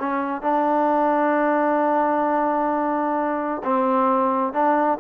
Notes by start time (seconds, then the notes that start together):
0.00 C#4
0.42 D4
3.64 C4
4.53 D4